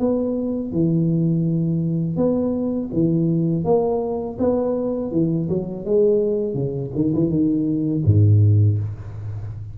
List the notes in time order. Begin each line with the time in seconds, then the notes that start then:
0.00 B3
0.73 E3
2.17 B3
2.94 E3
3.65 A#3
4.39 B3
5.12 E3
5.49 F#3
5.85 G#3
6.54 C#3
6.96 D#3
7.15 E3
7.30 D#3
8.06 G#2